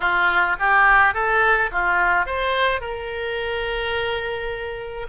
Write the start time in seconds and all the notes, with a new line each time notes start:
0.00 F4
0.59 G4
1.13 A4
1.71 F4
2.25 C5
2.80 A#4